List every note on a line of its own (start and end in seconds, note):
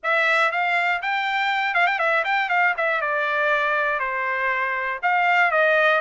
0.03 0.51 E5
0.51 1.01 F5
1.02 1.74 G5
1.74 1.86 F5
1.86 1.98 G5
1.98 2.23 E5
2.24 2.49 G5
2.49 2.74 F5
2.77 3.01 E5
3.01 3.99 D5
3.99 4.99 C5
5.02 5.51 F5
5.51 6.00 D#5